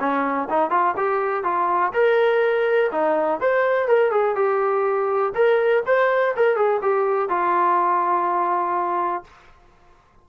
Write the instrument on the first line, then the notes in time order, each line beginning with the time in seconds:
trombone
0.00 C#4
0.50 D#4
0.71 F4
0.97 G4
1.44 F4
1.93 A#4
2.92 D#4
3.40 C5
3.88 A#4
4.11 G#4
4.36 G4
5.35 A#4
5.86 C5
6.37 A#4
6.57 G#4
6.82 G4
7.29 F4